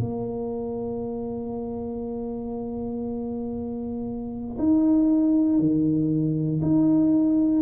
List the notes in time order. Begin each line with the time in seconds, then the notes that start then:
0.00 A#3
4.59 D#4
5.59 D#3
6.62 D#4